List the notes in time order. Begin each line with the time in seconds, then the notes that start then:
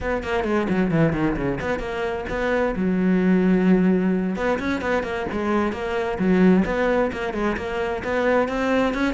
0.00 B3
0.23 A#3
0.44 G#3
0.69 F#3
0.91 E3
1.12 D#3
1.36 C#3
1.60 B3
1.79 A#3
2.29 B3
2.75 F#3
4.36 B3
4.59 C#4
4.81 B3
5.03 A#3
5.32 G#3
5.72 A#3
6.18 F#3
6.65 B3
7.12 A#3
7.33 G#3
7.57 A#3
8.03 B3
8.48 C4
8.94 C#4